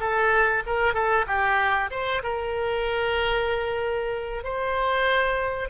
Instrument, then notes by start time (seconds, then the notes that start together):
oboe
0.00 A4
0.67 A#4
0.94 A4
1.27 G4
1.91 C5
2.23 A#4
4.44 C5